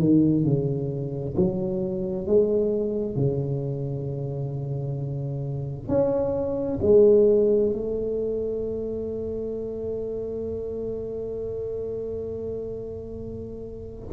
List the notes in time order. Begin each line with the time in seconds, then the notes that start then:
0.00 D#3
0.45 C#3
1.37 F#3
2.27 G#3
3.16 C#3
5.88 C#4
6.82 G#3
7.73 A3